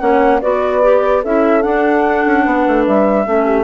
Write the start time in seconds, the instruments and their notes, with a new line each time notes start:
0.00 bassoon A#3, clarinet C#4, horn C#5, flute F#5
0.40 bassoon B3, clarinet F#4, horn B4, flute D5
0.83 clarinet G4
1.21 bassoon C#4, clarinet E4, horn A4, flute E5
1.62 clarinet D4, bassoon D4, flute F#5
2.26 bassoon C#4
2.45 bassoon B3, horn B4
2.67 bassoon A3
2.87 bassoon G3, flute E5
3.27 bassoon A3, clarinet C#4, horn A4
3.45 horn G4